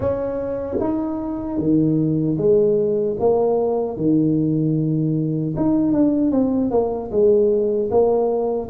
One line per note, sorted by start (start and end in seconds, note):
0.00 0.77 C#4
0.80 1.58 D#4
1.58 2.37 D#3
2.37 3.16 G#3
3.19 3.97 A#3
3.97 5.54 D#3
5.56 5.92 D#4
5.92 6.31 D4
6.31 6.70 C4
6.71 7.10 A#3
7.11 7.89 G#3
7.90 8.69 A#3